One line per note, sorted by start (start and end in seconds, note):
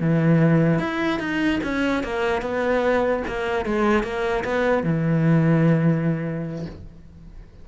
0.00 0.79 E3
0.79 1.19 E4
1.19 1.60 D#4
1.63 2.03 C#4
2.03 2.42 A#3
2.42 3.23 B3
3.27 3.65 A#3
3.65 4.03 G#3
4.03 4.44 A#3
4.44 4.84 B3
4.84 6.66 E3